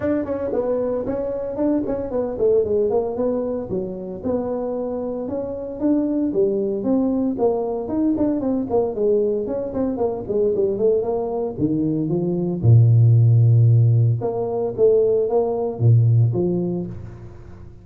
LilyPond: \new Staff \with { instrumentName = "tuba" } { \time 4/4 \tempo 4 = 114 d'8 cis'8 b4 cis'4 d'8 cis'8 | b8 a8 gis8 ais8 b4 fis4 | b2 cis'4 d'4 | g4 c'4 ais4 dis'8 d'8 |
c'8 ais8 gis4 cis'8 c'8 ais8 gis8 | g8 a8 ais4 dis4 f4 | ais,2. ais4 | a4 ais4 ais,4 f4 | }